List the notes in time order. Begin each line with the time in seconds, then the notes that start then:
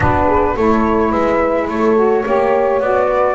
0.00 B3 D4 F#4 B4
0.27 G#4
0.56 A3 E4 A4 C#5
1.10 G#3 B4 E5
1.68 A3 A4 C#5
1.96 F#4
2.23 A#3 G4 C#5
2.79 B3 F#4 D5
3.06 B4